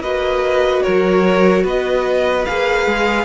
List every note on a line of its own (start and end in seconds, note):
0.00 0.81 A#3
0.00 2.47 F#4
0.00 0.83 B4
0.00 0.83 D#5
0.83 1.64 F#3
0.83 1.64 A#4
0.83 1.64 C#5
1.64 2.45 B3
1.64 3.25 B4
1.64 2.45 D#5
2.45 2.87 A#3
2.45 3.25 G#4
2.45 3.25 F5
2.87 3.25 G#3